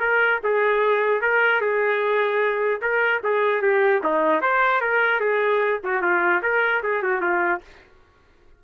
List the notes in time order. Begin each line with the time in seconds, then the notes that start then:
0.00 A#4
0.44 G#4
1.22 A#4
1.62 G#4
2.82 A#4
3.24 G#4
3.62 G4
4.04 D#4
4.42 C5
4.81 A#4
5.21 G#4
5.84 F#4
6.02 F4
6.43 A#4
6.83 G#4
7.03 F#4
7.22 F4